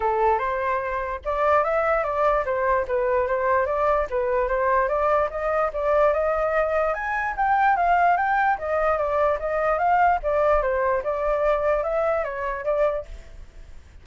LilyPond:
\new Staff \with { instrumentName = "flute" } { \time 4/4 \tempo 4 = 147 a'4 c''2 d''4 | e''4 d''4 c''4 b'4 | c''4 d''4 b'4 c''4 | d''4 dis''4 d''4 dis''4~ |
dis''4 gis''4 g''4 f''4 | g''4 dis''4 d''4 dis''4 | f''4 d''4 c''4 d''4~ | d''4 e''4 cis''4 d''4 | }